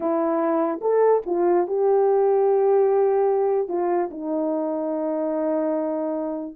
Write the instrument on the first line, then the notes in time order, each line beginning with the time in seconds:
horn
0.00 E4
0.81 A4
1.26 F4
1.67 G4
3.68 F4
4.11 D#4